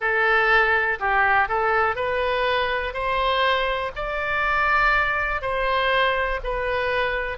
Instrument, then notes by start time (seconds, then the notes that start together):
oboe
0.00 A4
0.99 G4
1.48 A4
1.95 B4
2.93 C5
3.95 D5
5.41 C5
6.43 B4